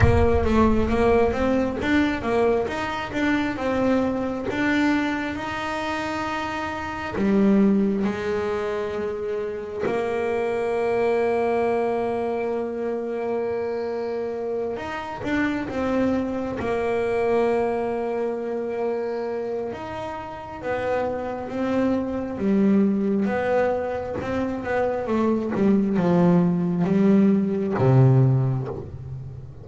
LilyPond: \new Staff \with { instrumentName = "double bass" } { \time 4/4 \tempo 4 = 67 ais8 a8 ais8 c'8 d'8 ais8 dis'8 d'8 | c'4 d'4 dis'2 | g4 gis2 ais4~ | ais1~ |
ais8 dis'8 d'8 c'4 ais4.~ | ais2 dis'4 b4 | c'4 g4 b4 c'8 b8 | a8 g8 f4 g4 c4 | }